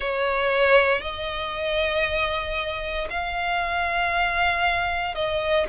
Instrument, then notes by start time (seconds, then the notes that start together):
violin
0.00 C#5
1.01 D#5
3.09 F5
5.14 D#5